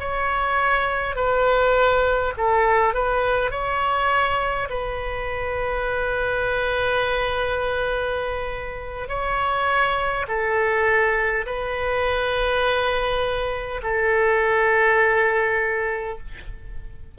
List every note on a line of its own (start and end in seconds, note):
0.00 1.16 C#5
1.16 2.34 B4
2.38 2.95 A4
2.95 3.51 B4
3.51 4.69 C#5
4.70 9.09 B4
9.09 10.27 C#5
10.28 11.46 A4
11.47 13.82 B4
13.83 16.19 A4